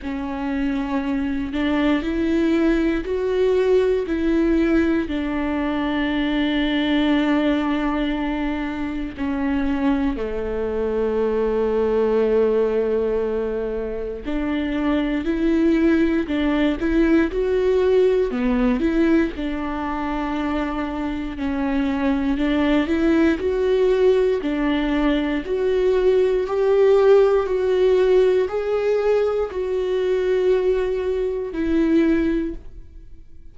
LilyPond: \new Staff \with { instrumentName = "viola" } { \time 4/4 \tempo 4 = 59 cis'4. d'8 e'4 fis'4 | e'4 d'2.~ | d'4 cis'4 a2~ | a2 d'4 e'4 |
d'8 e'8 fis'4 b8 e'8 d'4~ | d'4 cis'4 d'8 e'8 fis'4 | d'4 fis'4 g'4 fis'4 | gis'4 fis'2 e'4 | }